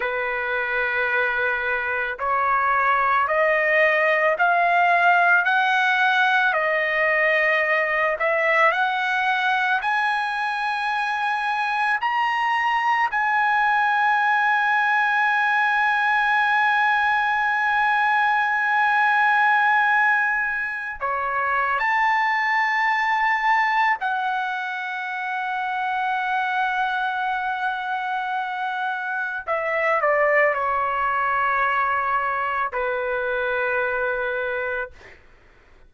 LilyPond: \new Staff \with { instrumentName = "trumpet" } { \time 4/4 \tempo 4 = 55 b'2 cis''4 dis''4 | f''4 fis''4 dis''4. e''8 | fis''4 gis''2 ais''4 | gis''1~ |
gis''2.~ gis''16 cis''8. | a''2 fis''2~ | fis''2. e''8 d''8 | cis''2 b'2 | }